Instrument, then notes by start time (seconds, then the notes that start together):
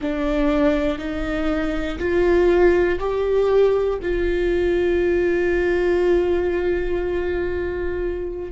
viola
0.01 D4
0.98 D#4
1.98 F4
2.99 G4
4.02 F4